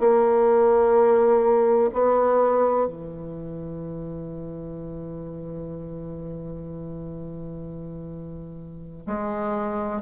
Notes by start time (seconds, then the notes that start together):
0.00 A#3
1.94 B3
2.87 E3
9.07 G#3